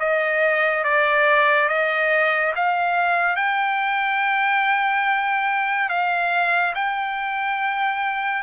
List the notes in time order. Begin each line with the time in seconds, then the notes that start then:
0.00 D#5
0.84 D5
1.69 D#5
2.56 F5
3.36 G5
5.89 F5
6.75 G5